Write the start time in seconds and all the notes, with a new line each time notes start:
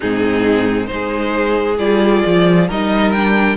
0.00 G#2 C4 D#4 G#4
0.86 G#3 D#4 C5
0.93 G#4
1.78 G3 F4 D5
2.26 F3
2.68 G3 D#4 A#4 D#5
3.11 D4 G5